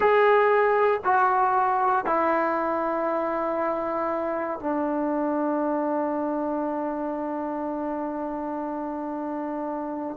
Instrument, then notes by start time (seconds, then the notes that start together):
trombone
0.00 G#4
1.04 F#4
2.05 E4
4.59 D4